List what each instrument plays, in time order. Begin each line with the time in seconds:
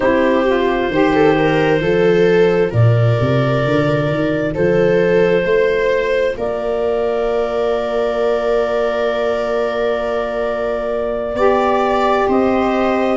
0.00 tuba C4, saxophone E4, viola G4, clarinet C5
0.47 saxophone F4
0.90 tuba D#3, saxophone G4, viola C5
1.13 viola A4
1.38 viola A#4
1.79 tuba F3, saxophone F4, viola A4
2.70 tuba A#2, viola A#4, clarinet D5
3.20 tuba C3
3.65 tuba D3
4.09 tuba D#3
4.54 tuba F3, viola A4, clarinet C5
5.44 tuba A3, viola C5
6.37 tuba A#3, viola A#4, clarinet D5
11.34 tuba B3, saxophone G4, viola D5
12.27 tuba C4, viola C5, clarinet D#5